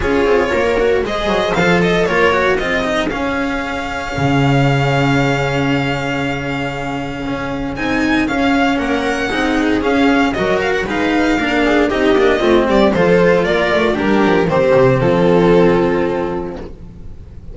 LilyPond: <<
  \new Staff \with { instrumentName = "violin" } { \time 4/4 \tempo 4 = 116 cis''2 dis''4 f''8 dis''8 | cis''4 dis''4 f''2~ | f''1~ | f''2. gis''4 |
f''4 fis''2 f''4 | dis''8 f''16 fis''16 f''2 dis''4~ | dis''8 d''8 c''4 d''4 ais'4 | c''4 a'2. | }
  \new Staff \with { instrumentName = "viola" } { \time 4/4 gis'4 ais'4 c''2 | ais'4 gis'2.~ | gis'1~ | gis'1~ |
gis'4 ais'4 gis'2 | ais'4 b'4 ais'8 gis'8 g'4 | f'8 g'8 a'4 ais'4 d'4 | g'4 f'2. | }
  \new Staff \with { instrumentName = "cello" } { \time 4/4 f'4. fis'8 gis'4 a'4 | f'8 fis'8 f'8 dis'8 cis'2~ | cis'1~ | cis'2. dis'4 |
cis'2 dis'4 cis'4 | fis'4 dis'4 d'4 dis'8 d'8 | c'4 f'2 g'4 | c'1 | }
  \new Staff \with { instrumentName = "double bass" } { \time 4/4 cis'8 c'8 ais4 gis8 fis8 f4 | ais4 c'4 cis'2 | cis1~ | cis2 cis'4 c'4 |
cis'4 ais4 c'4 cis'4 | fis4 gis4 ais4 c'8 ais8 | a8 g8 f4 ais8 a8 g8 f8 | dis8 c8 f2. | }
>>